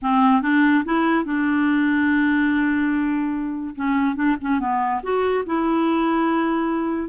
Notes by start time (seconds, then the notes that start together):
0.02 C4
0.42 D4
0.84 E4
1.25 D4
3.75 C#4
4.15 D4
4.41 C#4
4.59 B3
5.02 F#4
5.46 E4